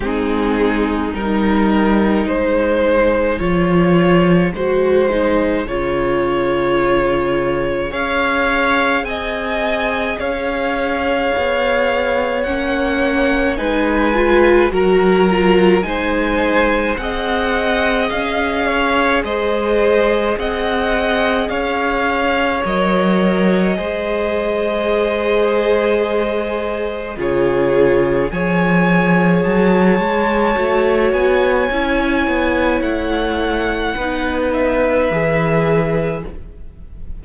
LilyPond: <<
  \new Staff \with { instrumentName = "violin" } { \time 4/4 \tempo 4 = 53 gis'4 ais'4 c''4 cis''4 | c''4 cis''2 f''4 | gis''4 f''2 fis''4 | gis''4 ais''4 gis''4 fis''4 |
f''4 dis''4 fis''4 f''4 | dis''1 | cis''4 gis''4 a''4. gis''8~ | gis''4 fis''4. e''4. | }
  \new Staff \with { instrumentName = "violin" } { \time 4/4 dis'2 gis'2~ | gis'2. cis''4 | dis''4 cis''2. | b'4 ais'4 c''4 dis''4~ |
dis''8 cis''8 c''4 dis''4 cis''4~ | cis''4 c''2. | gis'4 cis''2.~ | cis''2 b'2 | }
  \new Staff \with { instrumentName = "viola" } { \time 4/4 c'4 dis'2 f'4 | fis'8 dis'8 f'2 gis'4~ | gis'2. cis'4 | dis'8 f'8 fis'8 f'8 dis'4 gis'4~ |
gis'1 | ais'4 gis'2. | f'4 gis'2 fis'4 | e'2 dis'4 gis'4 | }
  \new Staff \with { instrumentName = "cello" } { \time 4/4 gis4 g4 gis4 f4 | gis4 cis2 cis'4 | c'4 cis'4 b4 ais4 | gis4 fis4 gis4 c'4 |
cis'4 gis4 c'4 cis'4 | fis4 gis2. | cis4 f4 fis8 gis8 a8 b8 | cis'8 b8 a4 b4 e4 | }
>>